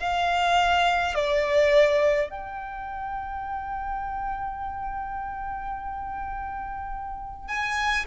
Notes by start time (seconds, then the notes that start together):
0.00 F5
1.15 D5
2.30 G5
7.48 G#5